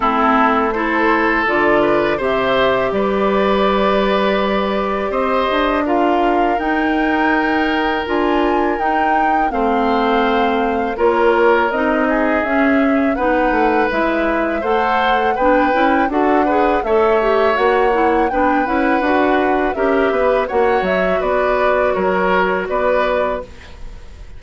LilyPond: <<
  \new Staff \with { instrumentName = "flute" } { \time 4/4 \tempo 4 = 82 a'4 c''4 d''4 e''4 | d''2. dis''4 | f''4 g''2 gis''4 | g''4 f''2 cis''4 |
dis''4 e''4 fis''4 e''4 | fis''4 g''4 fis''4 e''4 | fis''4 g''8 fis''4. e''4 | fis''8 e''8 d''4 cis''4 d''4 | }
  \new Staff \with { instrumentName = "oboe" } { \time 4/4 e'4 a'4. b'8 c''4 | b'2. c''4 | ais'1~ | ais'4 c''2 ais'4~ |
ais'8 gis'4. b'2 | c''4 b'4 a'8 b'8 cis''4~ | cis''4 b'2 ais'8 b'8 | cis''4 b'4 ais'4 b'4 | }
  \new Staff \with { instrumentName = "clarinet" } { \time 4/4 c'4 e'4 f'4 g'4~ | g'1 | f'4 dis'2 f'4 | dis'4 c'2 f'4 |
dis'4 cis'4 dis'4 e'4 | a'4 d'8 e'8 fis'8 gis'8 a'8 g'8 | fis'8 e'8 d'8 e'8 fis'4 g'4 | fis'1 | }
  \new Staff \with { instrumentName = "bassoon" } { \time 4/4 a2 d4 c4 | g2. c'8 d'8~ | d'4 dis'2 d'4 | dis'4 a2 ais4 |
c'4 cis'4 b8 a8 gis4 | a4 b8 cis'8 d'4 a4 | ais4 b8 cis'8 d'4 cis'8 b8 | ais8 fis8 b4 fis4 b4 | }
>>